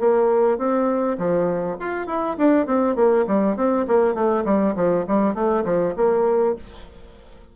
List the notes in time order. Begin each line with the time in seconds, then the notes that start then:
0.00 A#3
0.58 C4
1.18 F3
1.80 F4
2.07 E4
2.38 D4
2.67 C4
2.96 A#3
3.27 G3
3.57 C4
3.88 A#3
4.15 A3
4.45 G3
4.76 F3
5.08 G3
5.35 A3
5.65 F3
5.97 A#3